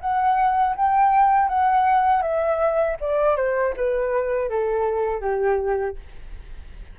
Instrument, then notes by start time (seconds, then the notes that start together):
flute
0.00 F#5
0.76 G5
1.48 F#5
2.21 E5
3.00 D5
3.36 C5
3.76 B4
4.49 A4
5.21 G4